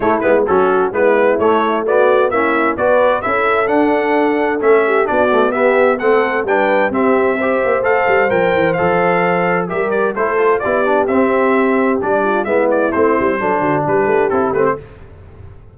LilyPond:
<<
  \new Staff \with { instrumentName = "trumpet" } { \time 4/4 \tempo 4 = 130 cis''8 b'8 a'4 b'4 cis''4 | d''4 e''4 d''4 e''4 | fis''2 e''4 d''4 | e''4 fis''4 g''4 e''4~ |
e''4 f''4 g''4 f''4~ | f''4 e''8 d''8 c''4 d''4 | e''2 d''4 e''8 d''8 | c''2 b'4 a'8 b'16 c''16 | }
  \new Staff \with { instrumentName = "horn" } { \time 4/4 e'4 fis'4 e'2 | fis'4 e'4 b'4 a'4~ | a'2~ a'8 g'8 fis'4 | g'4 a'4 b'4 g'4 |
c''1~ | c''4 ais'4 a'4 g'4~ | g'2~ g'8 f'8 e'4~ | e'4 a'8 fis'8 g'2 | }
  \new Staff \with { instrumentName = "trombone" } { \time 4/4 a8 b8 cis'4 b4 a4 | b4 cis'4 fis'4 e'4 | d'2 cis'4 d'8 a8 | b4 c'4 d'4 c'4 |
g'4 a'4 ais'4 a'4~ | a'4 g'4 e'8 f'8 e'8 d'8 | c'2 d'4 b4 | c'4 d'2 e'8 c'8 | }
  \new Staff \with { instrumentName = "tuba" } { \time 4/4 a8 gis8 fis4 gis4 a4~ | a4 ais4 b4 cis'4 | d'2 a4 b4~ | b4 a4 g4 c'4~ |
c'8 ais8 a8 g8 f8 e8 f4~ | f4 g4 a4 b4 | c'2 g4 gis4 | a8 g8 fis8 d8 g8 a8 c'8 a8 | }
>>